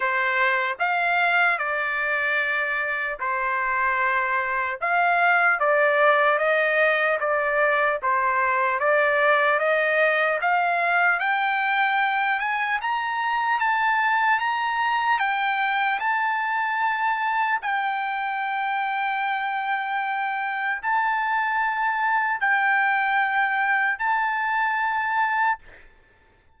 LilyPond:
\new Staff \with { instrumentName = "trumpet" } { \time 4/4 \tempo 4 = 75 c''4 f''4 d''2 | c''2 f''4 d''4 | dis''4 d''4 c''4 d''4 | dis''4 f''4 g''4. gis''8 |
ais''4 a''4 ais''4 g''4 | a''2 g''2~ | g''2 a''2 | g''2 a''2 | }